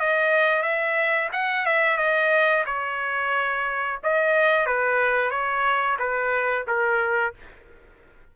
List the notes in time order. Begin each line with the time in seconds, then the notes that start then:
0.00 D#5
0.63 E5
1.33 F#5
1.66 E5
1.98 D#5
2.66 C#5
4.04 D#5
4.67 B4
5.31 C#5
5.99 B4
6.68 A#4